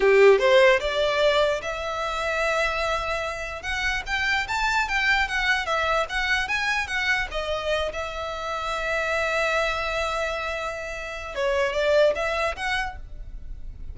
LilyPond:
\new Staff \with { instrumentName = "violin" } { \time 4/4 \tempo 4 = 148 g'4 c''4 d''2 | e''1~ | e''4 fis''4 g''4 a''4 | g''4 fis''4 e''4 fis''4 |
gis''4 fis''4 dis''4. e''8~ | e''1~ | e''1 | cis''4 d''4 e''4 fis''4 | }